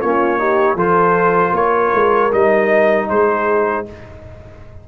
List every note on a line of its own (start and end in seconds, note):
0.00 0.75 A#3
0.00 0.38 C#4
0.00 0.39 F4
0.00 0.77 C#5
0.38 0.77 D#4
0.38 0.75 G4
0.75 1.52 F3
0.75 2.31 F4
0.75 1.52 A4
0.75 1.55 C5
1.52 1.90 A#3
1.52 3.08 A#4
1.52 2.32 C#5
1.94 2.33 G#3
2.32 3.09 G3
2.32 3.85 D#4
2.32 3.09 D#5
3.09 3.86 G#3
3.09 3.87 G#4
3.09 3.86 C5